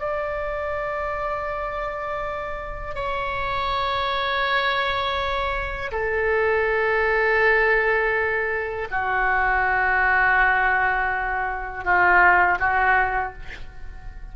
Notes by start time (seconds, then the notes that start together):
0.00 D5
2.95 C#5
5.92 A4
8.91 F#4
11.85 F4
12.60 F#4